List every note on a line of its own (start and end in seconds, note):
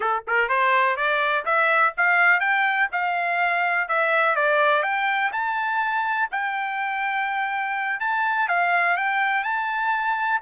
0.00 0.23 A4
0.27 0.48 A#4
0.48 0.96 C5
0.96 1.44 D5
1.45 1.93 E5
1.97 2.40 F5
2.40 2.88 G5
2.92 3.88 F5
3.88 4.35 E5
4.35 4.82 D5
4.82 5.31 G5
5.32 6.29 A5
6.31 8.00 G5
8.00 8.48 A5
8.48 8.96 F5
8.96 9.43 G5
9.43 10.40 A5